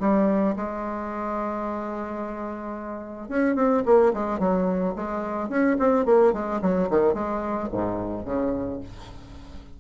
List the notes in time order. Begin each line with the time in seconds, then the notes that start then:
0.00 G3
0.56 G#3
3.29 C#4
3.55 C4
3.85 A#3
4.13 G#3
4.39 F#3
4.96 G#3
5.49 C#4
5.79 C4
6.06 A#3
6.33 G#3
6.62 F#3
6.90 D#3
7.14 G#3
7.72 G#2
8.25 C#3